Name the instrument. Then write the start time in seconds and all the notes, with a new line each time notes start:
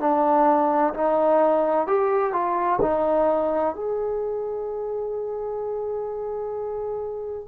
trombone
0.00 D4
0.94 D#4
1.87 G4
2.33 F4
2.82 D#4
3.75 G#4